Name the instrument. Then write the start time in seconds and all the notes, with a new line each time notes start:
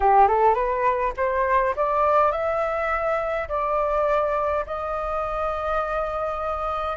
flute
0.00 G4
0.28 A4
0.54 B4
1.16 C5
1.76 D5
2.31 E5
3.48 D5
4.66 D#5